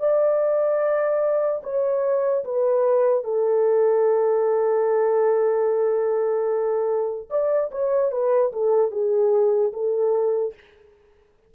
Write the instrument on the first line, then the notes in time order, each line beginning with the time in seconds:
horn
0.00 D5
1.64 C#5
2.45 B4
3.24 A4
7.30 D5
7.72 C#5
8.12 B4
8.53 A4
8.92 G#4
9.73 A4